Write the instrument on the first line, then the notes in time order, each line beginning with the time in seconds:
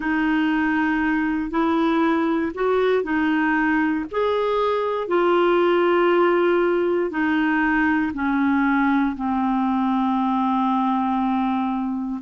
clarinet
0.00 D#4
1.50 E4
2.54 F#4
3.03 D#4
4.11 G#4
5.07 F4
7.10 D#4
8.14 C#4
9.16 C4